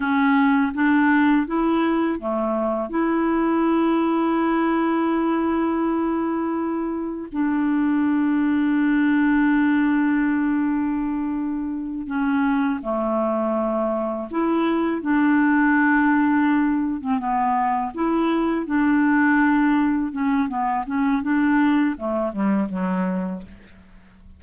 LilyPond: \new Staff \with { instrumentName = "clarinet" } { \time 4/4 \tempo 4 = 82 cis'4 d'4 e'4 a4 | e'1~ | e'2 d'2~ | d'1~ |
d'8 cis'4 a2 e'8~ | e'8 d'2~ d'8. c'16 b8~ | b8 e'4 d'2 cis'8 | b8 cis'8 d'4 a8 g8 fis4 | }